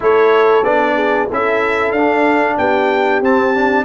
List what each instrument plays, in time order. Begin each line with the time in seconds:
0.00 tuba A3, trombone E4, horn A4, trumpet C#5
0.63 tuba B3, trombone D4, trumpet D5
0.95 horn G#4
1.28 tuba C#4, trombone E4, horn A4, trumpet E5
1.91 tuba D4, trombone D4, trumpet F5
2.57 tuba B3, horn G4, trumpet G5
3.21 tuba C4, trombone C4, trumpet A5
3.54 trombone D4